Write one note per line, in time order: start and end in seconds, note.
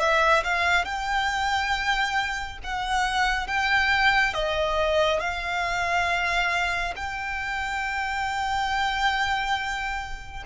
0.00 0.43 E5
0.44 0.85 F5
0.85 2.59 G5
2.64 3.47 F#5
3.47 4.34 G5
4.34 5.21 D#5
5.21 6.94 F5
6.96 10.44 G5